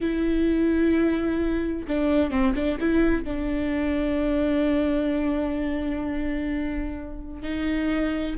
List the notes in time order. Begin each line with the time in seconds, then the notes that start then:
0.00 E4
1.87 D4
2.30 C4
2.55 D4
2.80 E4
3.23 D4
7.42 D#4